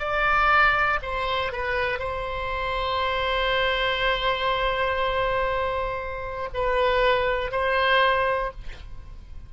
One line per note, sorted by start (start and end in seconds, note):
0.00 1.00 D5
1.02 1.52 C5
1.52 2.00 B4
2.00 6.49 C5
6.54 7.52 B4
7.52 8.52 C5